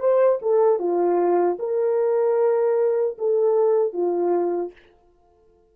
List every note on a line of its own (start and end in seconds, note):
0.00 0.39 C5
0.42 0.79 A4
0.79 1.58 F4
1.59 3.17 A#4
3.18 3.93 A4
3.93 4.72 F4